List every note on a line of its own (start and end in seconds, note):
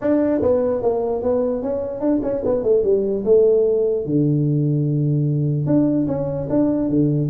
0.01 0.41 D4
0.42 0.81 B3
0.81 1.22 A#3
1.22 1.62 B3
1.62 2.00 C#4
2.00 2.20 D4
2.22 2.43 C#4
2.44 2.63 B3
2.63 2.83 A3
2.83 3.24 G3
3.24 4.05 A3
4.05 5.66 D3
5.66 6.06 D4
6.07 6.47 C#4
6.49 6.89 D4
6.89 7.29 D3